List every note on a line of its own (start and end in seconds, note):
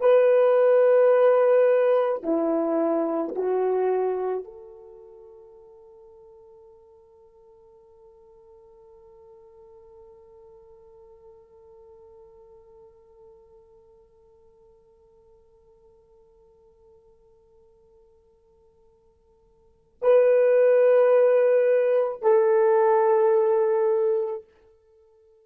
0.00 2.22 B4
2.23 3.34 E4
3.35 4.44 F#4
4.44 19.99 A4
20.02 22.22 B4
22.22 24.44 A4